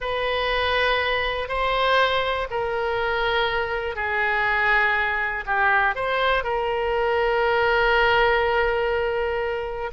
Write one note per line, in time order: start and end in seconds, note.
0.00 1.48 B4
1.48 2.47 C5
2.50 3.95 A#4
3.95 5.44 G#4
5.45 5.95 G4
5.95 6.43 C5
6.43 9.90 A#4